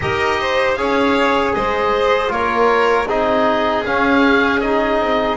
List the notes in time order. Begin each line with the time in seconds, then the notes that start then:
0.01 D#4 G4 A#4 D#5
0.40 C5
0.74 C#4 G#4 C#5 F5
1.54 G#3 C5 D#5
2.27 A#3 F4 A#4 C#5
3.07 C4 D#4 G#4 D#5
3.85 C#4 F5
4.60 D#4 D#5
5.00 C4